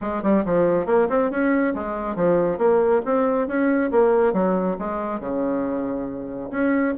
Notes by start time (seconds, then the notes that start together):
0.01 G#3
0.22 G3
0.45 F3
0.86 A#3
1.09 C4
1.30 C#4
1.74 G#3
2.15 F3
2.58 A#3
3.05 C4
3.47 C#4
3.91 A#3
4.33 F#3
4.78 G#3
5.20 C#3
6.50 C#4